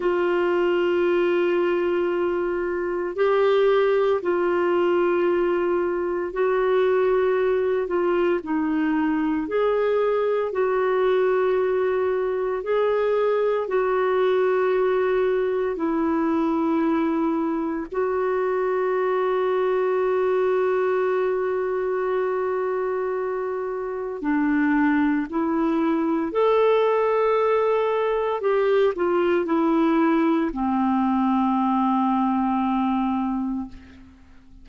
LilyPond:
\new Staff \with { instrumentName = "clarinet" } { \time 4/4 \tempo 4 = 57 f'2. g'4 | f'2 fis'4. f'8 | dis'4 gis'4 fis'2 | gis'4 fis'2 e'4~ |
e'4 fis'2.~ | fis'2. d'4 | e'4 a'2 g'8 f'8 | e'4 c'2. | }